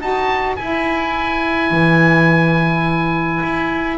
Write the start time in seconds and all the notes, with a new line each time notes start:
0.00 D#4 F#4 B4 A5
0.56 E4 G#5
1.70 E3
3.43 E4